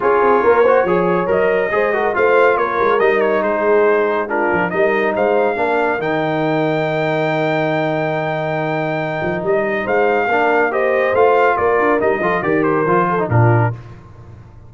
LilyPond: <<
  \new Staff \with { instrumentName = "trumpet" } { \time 4/4 \tempo 4 = 140 cis''2. dis''4~ | dis''4 f''4 cis''4 dis''8 cis''8 | c''2 ais'4 dis''4 | f''2 g''2~ |
g''1~ | g''2 dis''4 f''4~ | f''4 dis''4 f''4 d''4 | dis''4 d''8 c''4. ais'4 | }
  \new Staff \with { instrumentName = "horn" } { \time 4/4 gis'4 ais'8 c''8 cis''2 | c''8 ais'8 c''4 ais'2 | gis'2 f'4 ais'4 | c''4 ais'2.~ |
ais'1~ | ais'2. c''4 | ais'4 c''2 ais'4~ | ais'8 a'8 ais'4. a'8 f'4 | }
  \new Staff \with { instrumentName = "trombone" } { \time 4/4 f'4. fis'8 gis'4 ais'4 | gis'8 fis'8 f'2 dis'4~ | dis'2 d'4 dis'4~ | dis'4 d'4 dis'2~ |
dis'1~ | dis'1 | d'4 g'4 f'2 | dis'8 f'8 g'4 f'8. dis'16 d'4 | }
  \new Staff \with { instrumentName = "tuba" } { \time 4/4 cis'8 c'8 ais4 f4 fis4 | gis4 a4 ais8 gis8 g4 | gis2~ gis8 f8 g4 | gis4 ais4 dis2~ |
dis1~ | dis4. f8 g4 gis4 | ais2 a4 ais8 d'8 | g8 f8 dis4 f4 ais,4 | }
>>